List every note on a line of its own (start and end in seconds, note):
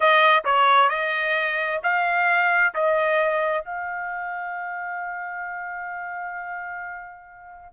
0.00 0.43 D#5
0.44 0.89 C#5
0.89 1.80 D#5
1.83 2.74 F5
2.74 3.64 D#5
3.64 7.73 F5